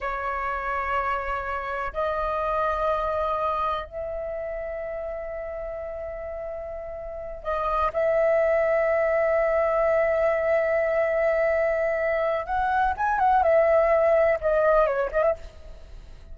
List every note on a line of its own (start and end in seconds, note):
0.00 1.92 C#5
1.93 3.85 D#5
3.85 7.43 E5
7.43 7.91 D#5
7.93 12.46 E5
12.46 12.94 F#5
12.97 13.19 G#5
13.19 13.42 F#5
13.42 14.38 E5
14.40 14.86 D#5
14.86 15.10 C#5
15.11 15.22 D#5
15.22 15.34 E5